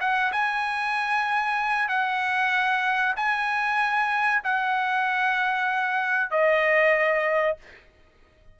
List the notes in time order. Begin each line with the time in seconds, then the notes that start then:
0.00 F#5
0.32 G#5
1.88 F#5
3.16 G#5
4.44 F#5
6.30 D#5